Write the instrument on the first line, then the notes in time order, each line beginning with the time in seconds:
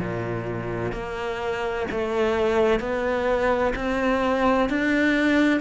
cello
0.00 A#2
0.92 A#3
1.91 A3
2.80 B3
3.76 C4
4.70 D4